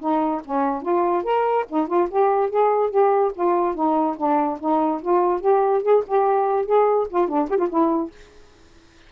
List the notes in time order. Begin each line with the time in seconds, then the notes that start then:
0.00 D#4
0.45 C#4
0.82 F4
1.24 A#4
1.70 D#4
1.87 F4
2.11 G4
2.50 G#4
2.90 G4
3.35 F4
3.75 D#4
4.17 D4
4.60 D#4
5.02 F4
5.41 G4
5.83 G#4
6.07 G4
6.66 G#4
7.10 F4
7.28 D4
7.50 G4
7.58 F4
7.69 E4